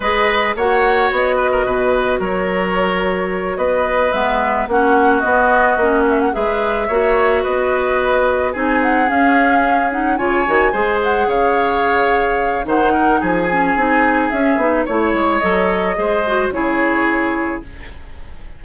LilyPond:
<<
  \new Staff \with { instrumentName = "flute" } { \time 4/4 \tempo 4 = 109 dis''4 fis''4 dis''2 | cis''2~ cis''8 dis''4 e''8~ | e''8 fis''4 dis''4. e''16 fis''16 e''8~ | e''4. dis''2 gis''8 |
fis''8 f''4. fis''8 gis''4. | fis''8 f''2~ f''8 fis''4 | gis''2 e''4 cis''4 | dis''2 cis''2 | }
  \new Staff \with { instrumentName = "oboe" } { \time 4/4 b'4 cis''4. b'16 ais'16 b'4 | ais'2~ ais'8 b'4.~ | b'8 fis'2. b'8~ | b'8 cis''4 b'2 gis'8~ |
gis'2~ gis'8 cis''4 c''8~ | c''8 cis''2~ cis''8 c''8 ais'8 | gis'2. cis''4~ | cis''4 c''4 gis'2 | }
  \new Staff \with { instrumentName = "clarinet" } { \time 4/4 gis'4 fis'2.~ | fis'2.~ fis'8 b8~ | b8 cis'4 b4 cis'4 gis'8~ | gis'8 fis'2. dis'8~ |
dis'8 cis'4. dis'8 f'8 fis'8 gis'8~ | gis'2. dis'4~ | dis'8 cis'8 dis'4 cis'8 dis'8 e'4 | a'4 gis'8 fis'8 e'2 | }
  \new Staff \with { instrumentName = "bassoon" } { \time 4/4 gis4 ais4 b4 b,4 | fis2~ fis8 b4 gis8~ | gis8 ais4 b4 ais4 gis8~ | gis8 ais4 b2 c'8~ |
c'8 cis'2 cis8 dis8 gis8~ | gis8 cis2~ cis8 dis4 | f4 c'4 cis'8 b8 a8 gis8 | fis4 gis4 cis2 | }
>>